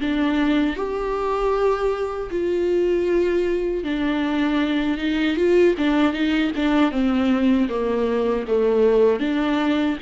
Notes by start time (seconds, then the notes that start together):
0.00 D4
0.76 G4
2.30 F4
3.84 D4
4.98 D#4
5.36 F4
5.78 D4
6.13 D#4
6.56 D4
6.91 C4
7.69 A#3
8.48 A3
9.20 D4